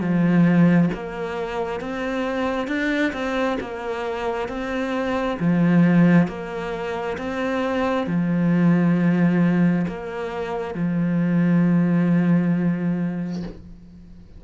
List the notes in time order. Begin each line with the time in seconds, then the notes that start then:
0.00 F3
0.93 A#3
1.80 C4
2.67 D4
3.13 C4
3.60 A#3
4.48 C4
5.39 F3
6.27 A#3
7.17 C4
8.06 F3
9.87 A#3
10.74 F3